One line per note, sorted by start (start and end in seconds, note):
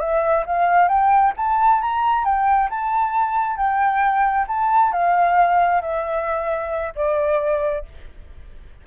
0.00 0.45 E5
0.46 0.88 F5
0.88 1.33 G5
1.37 1.82 A5
1.82 2.25 A#5
2.25 2.69 G5
2.70 3.57 A5
3.57 4.46 G5
4.47 4.92 A5
4.92 5.82 F5
5.82 6.94 E5
6.96 7.85 D5